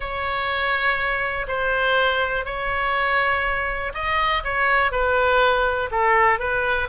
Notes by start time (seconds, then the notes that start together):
0.00 C#5
1.47 C5
2.45 C#5
3.93 D#5
4.44 C#5
4.91 B4
5.91 A4
6.39 B4